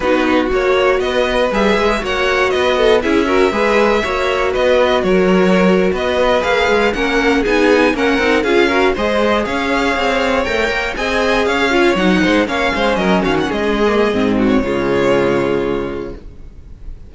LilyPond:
<<
  \new Staff \with { instrumentName = "violin" } { \time 4/4 \tempo 4 = 119 b'4 cis''4 dis''4 e''4 | fis''4 dis''4 e''2~ | e''4 dis''4 cis''4.~ cis''16 dis''16~ | dis''8. f''4 fis''4 gis''4 fis''16~ |
fis''8. f''4 dis''4 f''4~ f''16~ | f''8. g''4 gis''4 f''4 fis''16~ | fis''8. f''4 dis''8 f''16 fis''16 dis''4~ dis''16~ | dis''8. cis''2.~ cis''16 | }
  \new Staff \with { instrumentName = "violin" } { \time 4/4 fis'2 b'2 | cis''4 b'8 a'8 gis'8 ais'8 b'4 | cis''4 b'4 ais'4.~ ais'16 b'16~ | b'4.~ b'16 ais'4 gis'4 ais'16~ |
ais'8. gis'8 ais'8 c''4 cis''4~ cis''16~ | cis''4.~ cis''16 dis''4 cis''4~ cis''16~ | cis''16 c''8 cis''8 c''8 ais'8 fis'8 gis'4~ gis'16~ | gis'8 fis'8 f'2. | }
  \new Staff \with { instrumentName = "viola" } { \time 4/4 dis'4 fis'2 gis'4 | fis'2 e'8 fis'8 gis'4 | fis'1~ | fis'8. gis'4 cis'4 dis'4 cis'16~ |
cis'16 dis'8 f'8 fis'8 gis'2~ gis'16~ | gis'8. ais'4 gis'4. f'8 dis'16~ | dis'8. cis'2~ cis'8. ais8 | c'4 gis2. | }
  \new Staff \with { instrumentName = "cello" } { \time 4/4 b4 ais4 b4 g8 gis8 | ais4 b4 cis'4 gis4 | ais4 b4 fis4.~ fis16 b16~ | b8. ais8 gis8 ais4 b4 ais16~ |
ais16 c'8 cis'4 gis4 cis'4 c'16~ | c'8. a8 ais8 c'4 cis'4 fis16~ | fis16 gis8 ais8 gis8 fis8 dis8 gis4~ gis16 | gis,4 cis2. | }
>>